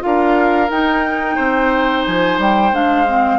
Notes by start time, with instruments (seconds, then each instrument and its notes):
0.00 bassoon D4, clarinet F4, oboe A#4, flute F5
0.70 bassoon D#4, clarinet D#4, flute G5
1.36 bassoon C4, oboe C5
2.05 bassoon F3, flute G#5
2.38 bassoon G3, flute G5
2.72 bassoon G#3, clarinet D4, flute F5
3.07 clarinet C4